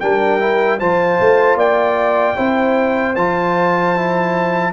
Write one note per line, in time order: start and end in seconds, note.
0.00 0.80 G3
0.00 0.40 D4
0.00 0.80 A#4
0.00 0.79 G5
0.40 0.79 E4
0.79 1.20 F3
0.79 2.36 F4
0.79 1.57 C5
0.79 1.58 A5
1.20 1.55 A3
1.55 2.34 A#3
1.55 2.36 D5
1.55 3.16 G5
2.36 3.16 C4
2.36 3.15 E4
2.36 4.73 C5
3.16 4.73 F3
3.16 3.96 F4
3.16 4.73 A5
3.96 4.73 E4